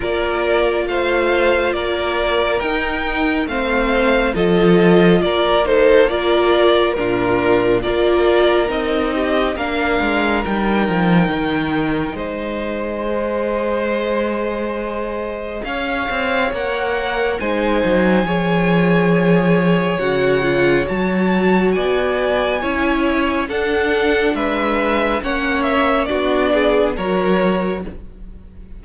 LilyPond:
<<
  \new Staff \with { instrumentName = "violin" } { \time 4/4 \tempo 4 = 69 d''4 f''4 d''4 g''4 | f''4 dis''4 d''8 c''8 d''4 | ais'4 d''4 dis''4 f''4 | g''2 dis''2~ |
dis''2 f''4 fis''4 | gis''2. fis''4 | a''4 gis''2 fis''4 | e''4 fis''8 e''8 d''4 cis''4 | }
  \new Staff \with { instrumentName = "violin" } { \time 4/4 ais'4 c''4 ais'2 | c''4 a'4 ais'8 a'8 ais'4 | f'4 ais'4. g'8 ais'4~ | ais'2 c''2~ |
c''2 cis''2 | c''4 cis''2.~ | cis''4 d''4 cis''4 a'4 | b'4 cis''4 fis'8 gis'8 ais'4 | }
  \new Staff \with { instrumentName = "viola" } { \time 4/4 f'2. dis'4 | c'4 f'4. dis'8 f'4 | d'4 f'4 dis'4 d'4 | dis'2. gis'4~ |
gis'2. ais'4 | dis'4 gis'2 fis'8 f'8 | fis'2 e'4 d'4~ | d'4 cis'4 d'4 fis'4 | }
  \new Staff \with { instrumentName = "cello" } { \time 4/4 ais4 a4 ais4 dis'4 | a4 f4 ais2 | ais,4 ais4 c'4 ais8 gis8 | g8 f8 dis4 gis2~ |
gis2 cis'8 c'8 ais4 | gis8 fis8 f2 cis4 | fis4 b4 cis'4 d'4 | gis4 ais4 b4 fis4 | }
>>